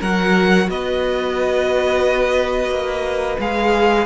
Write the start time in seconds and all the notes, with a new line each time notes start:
0.00 F#3 F#4 A#4 F#5
0.68 B3 B4 D#5
2.70 A#3
3.39 G#3 G#4 F5